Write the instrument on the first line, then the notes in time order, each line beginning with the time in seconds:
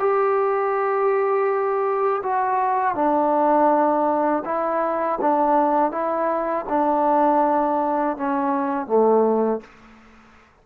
trombone
0.00 G4
2.24 F#4
2.96 D4
4.46 E4
5.22 D4
5.92 E4
6.70 D4
8.18 C#4
8.87 A3